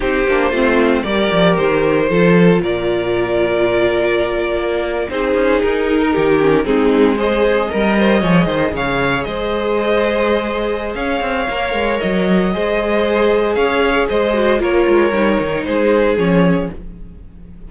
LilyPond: <<
  \new Staff \with { instrumentName = "violin" } { \time 4/4 \tempo 4 = 115 c''2 d''4 c''4~ | c''4 d''2.~ | d''4.~ d''16 c''4 ais'4~ ais'16~ | ais'8. gis'4 dis''2~ dis''16~ |
dis''8. f''4 dis''2~ dis''16~ | dis''4 f''2 dis''4~ | dis''2 f''4 dis''4 | cis''2 c''4 cis''4 | }
  \new Staff \with { instrumentName = "violin" } { \time 4/4 g'4 f'4 ais'2 | a'4 ais'2.~ | ais'4.~ ais'16 gis'4.~ gis'16 ais'16 g'16~ | g'8. dis'4 c''4 ais'8 c''8 cis''16~ |
cis''16 c''8 cis''4 c''2~ c''16~ | c''4 cis''2. | c''2 cis''4 c''4 | ais'2 gis'2 | }
  \new Staff \with { instrumentName = "viola" } { \time 4/4 dis'8 d'8 c'4 g'2 | f'1~ | f'4.~ f'16 dis'2~ dis'16~ | dis'16 cis'8 c'4 gis'4 ais'4 gis'16~ |
gis'1~ | gis'2 ais'2 | gis'2.~ gis'8 fis'8 | f'4 dis'2 cis'4 | }
  \new Staff \with { instrumentName = "cello" } { \time 4/4 c'8 ais8 a4 g8 f8 dis4 | f4 ais,2.~ | ais,8. ais4 c'8 cis'8 dis'4 dis16~ | dis8. gis2 g4 f16~ |
f16 dis8 cis4 gis2~ gis16~ | gis4 cis'8 c'8 ais8 gis8 fis4 | gis2 cis'4 gis4 | ais8 gis8 g8 dis8 gis4 f4 | }
>>